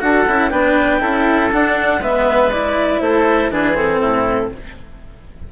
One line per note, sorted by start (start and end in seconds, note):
0.00 0.26 D4
0.00 0.25 F#4
0.00 0.51 A4
0.00 0.50 F#5
0.28 0.53 C#4
0.28 0.51 E4
0.50 1.01 B3
0.50 1.00 D4
0.50 1.01 B4
0.50 1.50 G5
1.00 1.51 C#4
1.00 1.50 E4
1.00 2.01 A4
1.52 2.02 D4
1.52 1.99 D4
1.52 2.03 F#5
1.99 2.99 G#3
1.99 2.52 B3
1.99 3.01 B4
1.99 2.52 E5
2.52 3.51 E4
2.52 3.01 D5
3.01 3.51 A3
3.01 3.52 A4
3.01 3.51 C5
3.51 4.01 E3
3.51 3.74 D4
3.51 4.01 G#4
3.51 3.77 B4
3.74 4.49 C4
3.74 4.52 A4
4.01 4.52 A2
4.01 4.51 E4